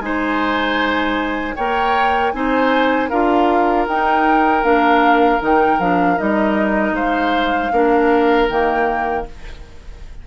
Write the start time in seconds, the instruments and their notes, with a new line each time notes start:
0.00 bassoon G#3, clarinet D#4, oboe C5, flute G#5
1.55 bassoon A#3, clarinet A#4, oboe C#5, flute G5
2.31 bassoon C4, clarinet D#4, oboe C5, flute G#5
3.09 bassoon D4, clarinet F4, oboe A#4, flute F5
3.87 bassoon D#4, clarinet D#4, flute G5
4.63 bassoon A#3, clarinet D4, flute F5
5.40 bassoon D#3, clarinet D#4, flute G5
5.79 bassoon F3, clarinet D4, flute F5
6.17 bassoon G3, clarinet D#4, flute D#5
6.92 bassoon G#3, oboe C5, flute F5
7.72 bassoon A#3, clarinet D4, oboe A#4
8.49 bassoon D#3, clarinet A#3, flute G5